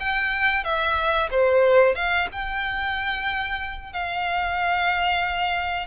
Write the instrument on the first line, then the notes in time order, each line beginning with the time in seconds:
violin
0.00 G5
0.65 E5
1.31 C5
1.96 F5
2.32 G5
3.93 F5